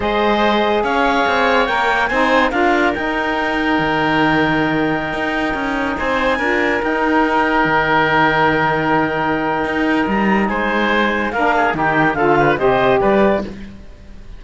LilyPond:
<<
  \new Staff \with { instrumentName = "clarinet" } { \time 4/4 \tempo 4 = 143 dis''2 f''2 | g''4 gis''4 f''4 g''4~ | g''1~ | g''2~ g''16 gis''4.~ gis''16~ |
gis''16 g''2.~ g''8.~ | g''1 | ais''4 gis''2 f''4 | g''4 f''4 dis''4 d''4 | }
  \new Staff \with { instrumentName = "oboe" } { \time 4/4 c''2 cis''2~ | cis''4 c''4 ais'2~ | ais'1~ | ais'2~ ais'16 c''4 ais'8.~ |
ais'1~ | ais'1~ | ais'4 c''2 ais'8 gis'8 | g'4 a'8 b'8 c''4 b'4 | }
  \new Staff \with { instrumentName = "saxophone" } { \time 4/4 gis'1 | ais'4 dis'4 f'4 dis'4~ | dis'1~ | dis'2.~ dis'16 f'8.~ |
f'16 dis'2.~ dis'8.~ | dis'1~ | dis'2. d'4 | dis'4 f'4 g'2 | }
  \new Staff \with { instrumentName = "cello" } { \time 4/4 gis2 cis'4 c'4 | ais4 c'4 d'4 dis'4~ | dis'4 dis2.~ | dis16 dis'4 cis'4 c'4 d'8.~ |
d'16 dis'2 dis4.~ dis16~ | dis2. dis'4 | g4 gis2 ais4 | dis4 d4 c4 g4 | }
>>